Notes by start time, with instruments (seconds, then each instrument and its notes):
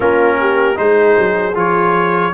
0.00 tuba A#3, trombone C#4, horn F4, trumpet A#4
0.39 horn G4
0.75 tuba G#3, trombone D#4, horn G#4, trumpet C5
1.18 tuba F#3
1.54 tuba F3, trombone F4, trumpet C#5